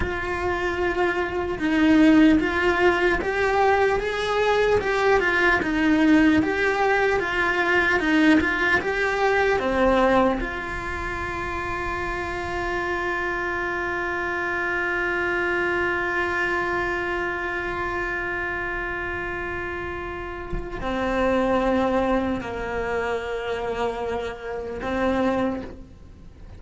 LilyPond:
\new Staff \with { instrumentName = "cello" } { \time 4/4 \tempo 4 = 75 f'2 dis'4 f'4 | g'4 gis'4 g'8 f'8 dis'4 | g'4 f'4 dis'8 f'8 g'4 | c'4 f'2.~ |
f'1~ | f'1~ | f'2 c'2 | ais2. c'4 | }